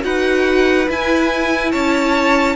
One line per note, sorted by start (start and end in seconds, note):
0.00 0.88 D#4
0.00 0.85 F#4
0.00 1.71 B4
0.00 0.88 F#5
0.88 2.56 E4
0.88 1.73 E4
0.88 1.71 G#5
1.71 2.56 C#4
1.71 2.55 C#5
1.71 2.56 A5